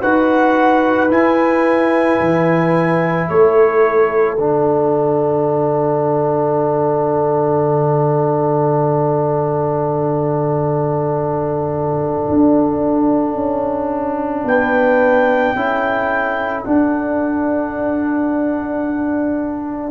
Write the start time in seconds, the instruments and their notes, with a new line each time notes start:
0.00 tuba D#4, trombone F#4, horn B4, trumpet F#5
1.09 tuba E4, trombone E4, trumpet G#5
2.20 tuba E3
3.28 tuba A3, horn A4, trumpet C#5
4.37 tuba D3, trombone D4, trumpet F#5
12.29 tuba D4
13.34 tuba C#4
14.44 tuba B3, horn B4, trumpet G5
15.55 tuba C#4, trombone E4, horn A4
16.64 trombone D4, tuba D4, trumpet F#5